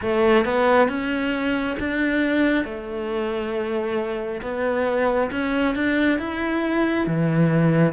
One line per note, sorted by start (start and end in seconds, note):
0.01 0.44 A3
0.44 0.88 B3
0.88 1.76 C#4
1.79 2.65 D4
2.65 4.41 A3
4.42 5.30 B3
5.31 5.75 C#4
5.75 6.18 D4
6.18 7.06 E4
7.06 7.93 E3